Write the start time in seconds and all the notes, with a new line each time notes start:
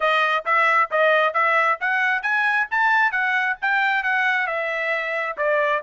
0.00 D#5
0.45 E5
0.90 D#5
1.33 E5
1.80 F#5
2.22 G#5
2.70 A5
3.11 F#5
3.61 G5
4.03 F#5
4.47 E5
5.37 D5